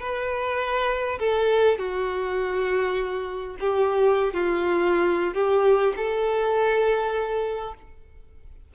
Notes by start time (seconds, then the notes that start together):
0.00 B4
1.19 A4
1.78 F#4
3.60 G4
4.33 F4
5.34 G4
5.96 A4